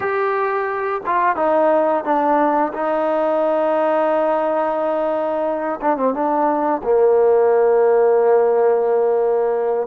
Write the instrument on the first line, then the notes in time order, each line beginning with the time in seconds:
trombone
0.00 G4
1.06 F4
1.36 D#4
2.04 D4
2.73 D#4
5.81 D4
5.96 C4
6.13 D4
6.83 A#3